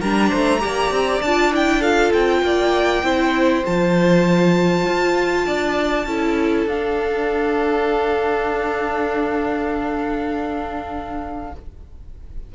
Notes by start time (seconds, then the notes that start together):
0.00 G3 D4 A#4 A#5
0.29 A3 C5
0.59 A#3 G4 D5
0.91 C4
1.22 D4 F4 A5
1.52 E4 G5
1.79 F4 A4 F5
2.13 C4 G5
2.42 A#3 D5
3.03 C4 E4 C5
3.64 F3 F4 A5
4.86 F4
5.46 D4 D5
6.06 C#4 E4 A4
6.66 D4 F5